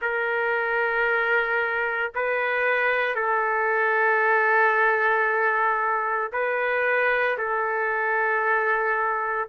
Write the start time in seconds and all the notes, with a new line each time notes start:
0.01 A#4
2.14 B4
3.15 A4
6.32 B4
7.37 A4